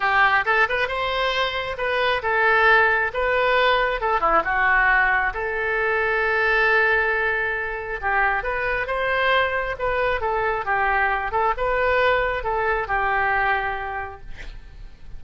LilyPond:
\new Staff \with { instrumentName = "oboe" } { \time 4/4 \tempo 4 = 135 g'4 a'8 b'8 c''2 | b'4 a'2 b'4~ | b'4 a'8 e'8 fis'2 | a'1~ |
a'2 g'4 b'4 | c''2 b'4 a'4 | g'4. a'8 b'2 | a'4 g'2. | }